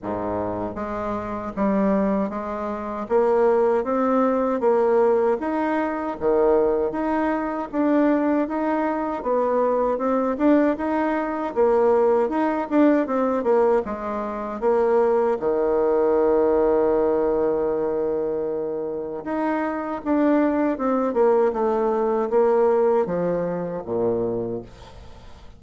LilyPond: \new Staff \with { instrumentName = "bassoon" } { \time 4/4 \tempo 4 = 78 gis,4 gis4 g4 gis4 | ais4 c'4 ais4 dis'4 | dis4 dis'4 d'4 dis'4 | b4 c'8 d'8 dis'4 ais4 |
dis'8 d'8 c'8 ais8 gis4 ais4 | dis1~ | dis4 dis'4 d'4 c'8 ais8 | a4 ais4 f4 ais,4 | }